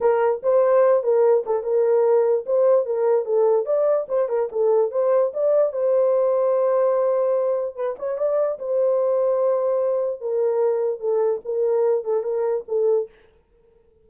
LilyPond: \new Staff \with { instrumentName = "horn" } { \time 4/4 \tempo 4 = 147 ais'4 c''4. ais'4 a'8 | ais'2 c''4 ais'4 | a'4 d''4 c''8 ais'8 a'4 | c''4 d''4 c''2~ |
c''2. b'8 cis''8 | d''4 c''2.~ | c''4 ais'2 a'4 | ais'4. a'8 ais'4 a'4 | }